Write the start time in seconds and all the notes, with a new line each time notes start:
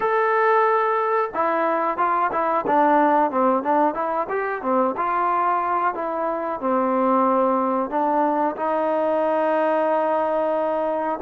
0.00 A4
1.34 E4
1.98 F4
2.32 E4
2.66 D4
3.30 C4
3.63 D4
3.94 E4
4.29 G4
4.62 C4
4.97 F4
5.94 E4
6.60 C4
7.89 D4
8.56 D#4